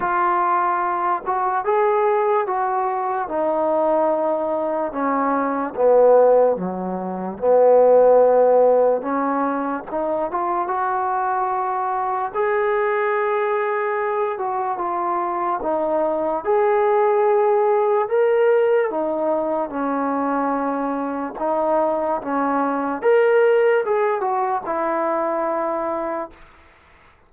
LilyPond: \new Staff \with { instrumentName = "trombone" } { \time 4/4 \tempo 4 = 73 f'4. fis'8 gis'4 fis'4 | dis'2 cis'4 b4 | fis4 b2 cis'4 | dis'8 f'8 fis'2 gis'4~ |
gis'4. fis'8 f'4 dis'4 | gis'2 ais'4 dis'4 | cis'2 dis'4 cis'4 | ais'4 gis'8 fis'8 e'2 | }